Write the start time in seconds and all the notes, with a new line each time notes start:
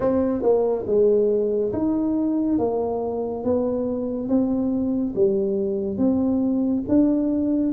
0.00 C4
0.42 A#3
0.86 G#3
1.72 D#4
2.58 A#3
3.44 B3
4.28 C4
5.15 G3
5.97 C4
6.88 D4